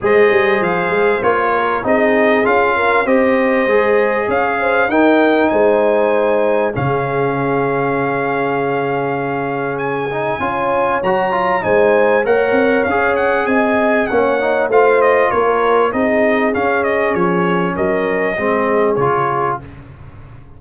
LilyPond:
<<
  \new Staff \with { instrumentName = "trumpet" } { \time 4/4 \tempo 4 = 98 dis''4 f''4 cis''4 dis''4 | f''4 dis''2 f''4 | g''4 gis''2 f''4~ | f''1 |
gis''2 ais''4 gis''4 | fis''4 f''8 fis''8 gis''4 fis''4 | f''8 dis''8 cis''4 dis''4 f''8 dis''8 | cis''4 dis''2 cis''4 | }
  \new Staff \with { instrumentName = "horn" } { \time 4/4 c''2~ c''8 ais'8 gis'4~ | gis'8 ais'8 c''2 cis''8 c''8 | ais'4 c''2 gis'4~ | gis'1~ |
gis'4 cis''2 c''4 | cis''2 dis''4 cis''4 | c''4 ais'4 gis'2~ | gis'4 ais'4 gis'2 | }
  \new Staff \with { instrumentName = "trombone" } { \time 4/4 gis'2 f'4 dis'4 | f'4 g'4 gis'2 | dis'2. cis'4~ | cis'1~ |
cis'8 dis'8 f'4 fis'8 f'8 dis'4 | ais'4 gis'2 cis'8 dis'8 | f'2 dis'4 cis'4~ | cis'2 c'4 f'4 | }
  \new Staff \with { instrumentName = "tuba" } { \time 4/4 gis8 g8 f8 gis8 ais4 c'4 | cis'4 c'4 gis4 cis'4 | dis'4 gis2 cis4~ | cis1~ |
cis4 cis'4 fis4 gis4 | ais8 c'8 cis'4 c'4 ais4 | a4 ais4 c'4 cis'4 | f4 fis4 gis4 cis4 | }
>>